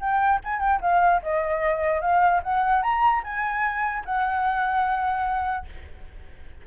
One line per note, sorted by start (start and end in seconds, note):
0.00 0.40 G5
0.44 0.60 G#5
0.60 0.80 G5
0.81 1.22 F5
1.22 2.01 D#5
2.01 2.41 F5
2.43 2.82 F#5
2.82 3.23 A#5
3.23 4.04 G#5
4.05 5.66 F#5